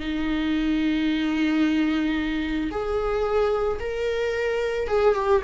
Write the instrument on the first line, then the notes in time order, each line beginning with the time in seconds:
viola
0.00 D#4
2.71 G#4
3.80 A#4
4.88 G#4
5.15 G4